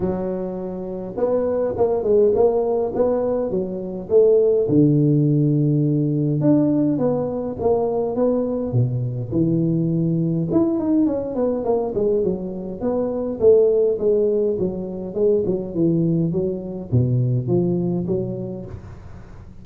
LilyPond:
\new Staff \with { instrumentName = "tuba" } { \time 4/4 \tempo 4 = 103 fis2 b4 ais8 gis8 | ais4 b4 fis4 a4 | d2. d'4 | b4 ais4 b4 b,4 |
e2 e'8 dis'8 cis'8 b8 | ais8 gis8 fis4 b4 a4 | gis4 fis4 gis8 fis8 e4 | fis4 b,4 f4 fis4 | }